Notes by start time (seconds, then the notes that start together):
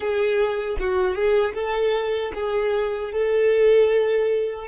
0.00 G#4
0.79 F#4
1.14 G#4
1.54 A4
2.34 G#4
3.12 A4